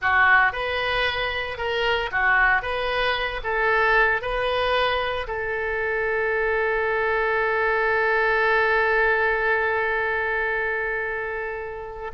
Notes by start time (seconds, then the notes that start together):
0.01 F#4
0.52 B4
1.57 A#4
2.11 F#4
2.62 B4
3.43 A4
4.21 B4
5.27 A4